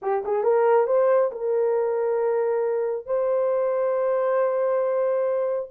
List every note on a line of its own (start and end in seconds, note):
0.02 0.23 G4
0.25 0.43 G#4
0.43 0.87 A#4
0.87 1.30 C5
1.31 3.06 A#4
3.06 5.69 C5